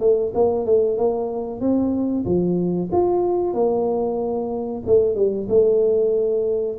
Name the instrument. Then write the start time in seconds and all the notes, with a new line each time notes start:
tuba
0.00 A3
0.34 A#3
0.65 A3
0.97 A#3
1.60 C4
2.25 F3
2.91 F4
3.53 A#3
4.86 A3
5.15 G3
5.48 A3